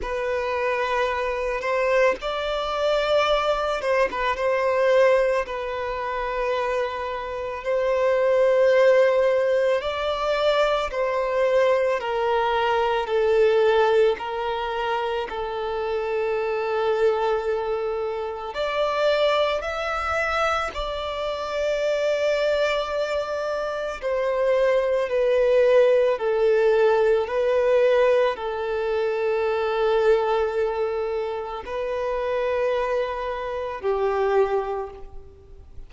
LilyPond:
\new Staff \with { instrumentName = "violin" } { \time 4/4 \tempo 4 = 55 b'4. c''8 d''4. c''16 b'16 | c''4 b'2 c''4~ | c''4 d''4 c''4 ais'4 | a'4 ais'4 a'2~ |
a'4 d''4 e''4 d''4~ | d''2 c''4 b'4 | a'4 b'4 a'2~ | a'4 b'2 g'4 | }